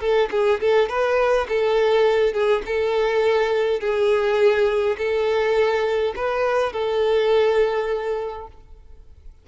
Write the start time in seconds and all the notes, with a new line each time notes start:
0.00 A4
0.31 G#4
0.60 A4
0.89 B4
1.49 A4
2.33 G#4
2.66 A4
3.80 G#4
4.98 A4
6.16 B4
6.73 A4